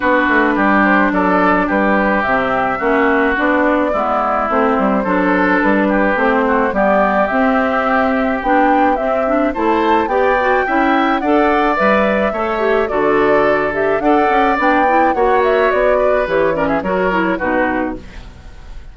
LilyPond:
<<
  \new Staff \with { instrumentName = "flute" } { \time 4/4 \tempo 4 = 107 b'4. c''8 d''4 b'4 | e''2 d''2 | c''2 b'4 c''4 | d''4 e''2 g''4 |
e''4 a''4 g''2 | fis''4 e''2 d''4~ | d''8 e''8 fis''4 g''4 fis''8 e''8 | d''4 cis''8 d''16 e''16 cis''4 b'4 | }
  \new Staff \with { instrumentName = "oboe" } { \time 4/4 fis'4 g'4 a'4 g'4~ | g'4 fis'2 e'4~ | e'4 a'4. g'4 fis'8 | g'1~ |
g'4 c''4 d''4 e''4 | d''2 cis''4 a'4~ | a'4 d''2 cis''4~ | cis''8 b'4 ais'16 gis'16 ais'4 fis'4 | }
  \new Staff \with { instrumentName = "clarinet" } { \time 4/4 d'1 | c'4 cis'4 d'4 b4 | c'4 d'2 c'4 | b4 c'2 d'4 |
c'8 d'8 e'4 g'8 fis'8 e'4 | a'4 b'4 a'8 g'8 fis'4~ | fis'8 g'8 a'4 d'8 e'8 fis'4~ | fis'4 g'8 cis'8 fis'8 e'8 dis'4 | }
  \new Staff \with { instrumentName = "bassoon" } { \time 4/4 b8 a8 g4 fis4 g4 | c4 ais4 b4 gis4 | a8 g8 fis4 g4 a4 | g4 c'2 b4 |
c'4 a4 b4 cis'4 | d'4 g4 a4 d4~ | d4 d'8 cis'8 b4 ais4 | b4 e4 fis4 b,4 | }
>>